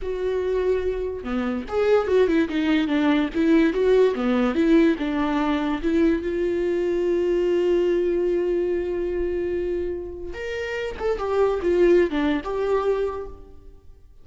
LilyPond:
\new Staff \with { instrumentName = "viola" } { \time 4/4 \tempo 4 = 145 fis'2. b4 | gis'4 fis'8 e'8 dis'4 d'4 | e'4 fis'4 b4 e'4 | d'2 e'4 f'4~ |
f'1~ | f'1~ | f'4 ais'4. a'8 g'4 | f'4~ f'16 d'8. g'2 | }